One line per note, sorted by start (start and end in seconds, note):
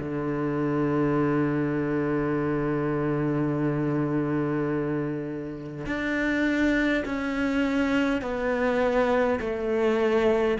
0.00 5.87 D3
5.87 7.04 D4
7.06 8.22 C#4
8.22 9.40 B3
9.41 10.58 A3